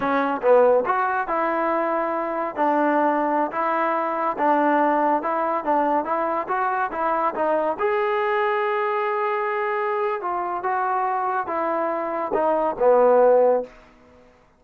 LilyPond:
\new Staff \with { instrumentName = "trombone" } { \time 4/4 \tempo 4 = 141 cis'4 b4 fis'4 e'4~ | e'2 d'2~ | d'16 e'2 d'4.~ d'16~ | d'16 e'4 d'4 e'4 fis'8.~ |
fis'16 e'4 dis'4 gis'4.~ gis'16~ | gis'1 | f'4 fis'2 e'4~ | e'4 dis'4 b2 | }